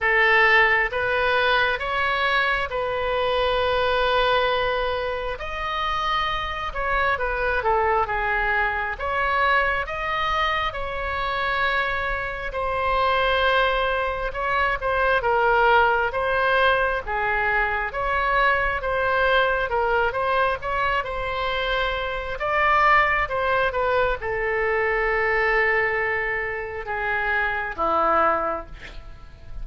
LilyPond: \new Staff \with { instrumentName = "oboe" } { \time 4/4 \tempo 4 = 67 a'4 b'4 cis''4 b'4~ | b'2 dis''4. cis''8 | b'8 a'8 gis'4 cis''4 dis''4 | cis''2 c''2 |
cis''8 c''8 ais'4 c''4 gis'4 | cis''4 c''4 ais'8 c''8 cis''8 c''8~ | c''4 d''4 c''8 b'8 a'4~ | a'2 gis'4 e'4 | }